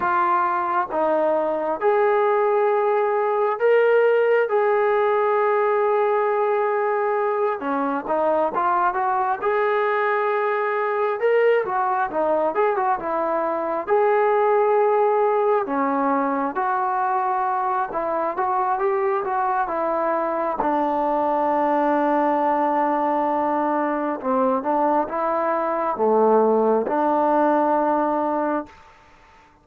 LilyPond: \new Staff \with { instrumentName = "trombone" } { \time 4/4 \tempo 4 = 67 f'4 dis'4 gis'2 | ais'4 gis'2.~ | gis'8 cis'8 dis'8 f'8 fis'8 gis'4.~ | gis'8 ais'8 fis'8 dis'8 gis'16 fis'16 e'4 gis'8~ |
gis'4. cis'4 fis'4. | e'8 fis'8 g'8 fis'8 e'4 d'4~ | d'2. c'8 d'8 | e'4 a4 d'2 | }